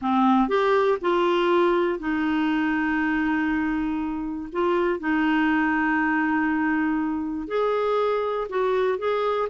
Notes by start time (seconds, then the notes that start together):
0.01 C4
0.48 G4
1.01 F4
1.99 D#4
4.52 F4
4.99 D#4
7.47 G#4
8.49 F#4
8.98 G#4